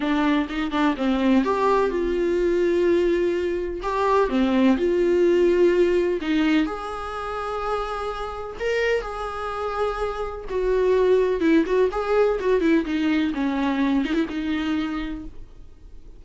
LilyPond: \new Staff \with { instrumentName = "viola" } { \time 4/4 \tempo 4 = 126 d'4 dis'8 d'8 c'4 g'4 | f'1 | g'4 c'4 f'2~ | f'4 dis'4 gis'2~ |
gis'2 ais'4 gis'4~ | gis'2 fis'2 | e'8 fis'8 gis'4 fis'8 e'8 dis'4 | cis'4. dis'16 e'16 dis'2 | }